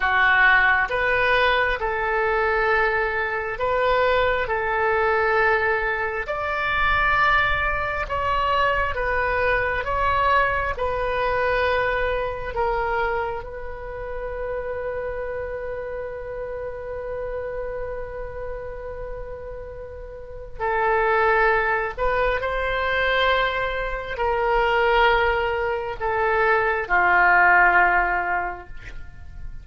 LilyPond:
\new Staff \with { instrumentName = "oboe" } { \time 4/4 \tempo 4 = 67 fis'4 b'4 a'2 | b'4 a'2 d''4~ | d''4 cis''4 b'4 cis''4 | b'2 ais'4 b'4~ |
b'1~ | b'2. a'4~ | a'8 b'8 c''2 ais'4~ | ais'4 a'4 f'2 | }